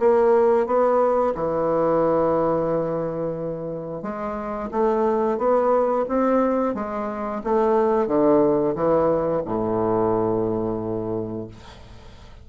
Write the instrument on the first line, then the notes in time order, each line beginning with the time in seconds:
bassoon
0.00 A#3
0.67 B3
1.35 E3
4.03 G#3
4.72 A3
5.38 B3
6.09 C4
6.75 G#3
7.44 A3
8.07 D3
8.75 E3
9.46 A2